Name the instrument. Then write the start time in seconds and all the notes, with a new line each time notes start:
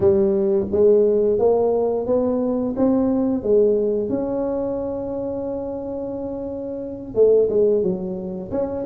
tuba
0.00 G3
0.71 G#3
1.39 A#3
2.06 B3
2.76 C4
3.42 G#3
4.09 C#4
7.14 A3
7.49 G#3
7.82 F#3
8.51 C#4